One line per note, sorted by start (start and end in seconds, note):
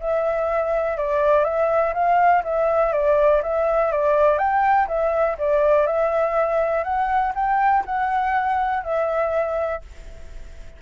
0.00 0.97 E5
0.97 1.45 D5
1.45 1.94 E5
1.94 2.43 F5
2.44 2.93 E5
2.93 3.42 D5
3.43 3.92 E5
3.92 4.38 D5
4.38 4.87 G5
4.88 5.37 E5
5.39 5.87 D5
5.87 6.84 E5
6.84 7.33 F#5
7.35 7.85 G5
7.86 8.83 F#5
8.83 9.82 E5